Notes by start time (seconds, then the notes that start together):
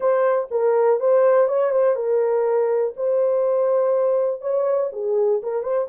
0.00 C5
0.51 A#4
1.00 C5
1.48 C#5
1.71 C5
1.95 A#4
2.96 C5
4.41 C#5
4.92 G#4
5.42 A#4
5.62 C5